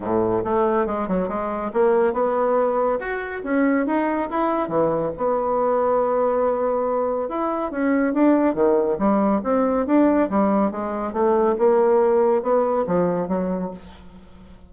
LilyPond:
\new Staff \with { instrumentName = "bassoon" } { \time 4/4 \tempo 4 = 140 a,4 a4 gis8 fis8 gis4 | ais4 b2 fis'4 | cis'4 dis'4 e'4 e4 | b1~ |
b4 e'4 cis'4 d'4 | dis4 g4 c'4 d'4 | g4 gis4 a4 ais4~ | ais4 b4 f4 fis4 | }